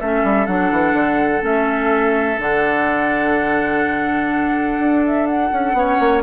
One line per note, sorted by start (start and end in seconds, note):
0.00 0.23 A3
0.00 0.46 C#4
0.00 5.76 A4
0.00 0.46 E5
0.23 0.47 G3
0.46 0.71 F#3
0.46 1.40 D4
0.46 1.42 F#5
0.71 0.93 E3
0.93 1.41 D3
1.40 2.38 A3
1.40 2.36 C#4
1.40 2.40 E5
2.38 4.78 D3
2.38 5.74 D4
2.38 5.05 F#5
4.78 5.50 D4
5.05 5.26 E5
5.26 6.22 F#5
5.52 5.73 C#4
5.73 5.97 B3
5.73 6.23 C#4
5.73 6.23 C#5
5.99 6.23 A#3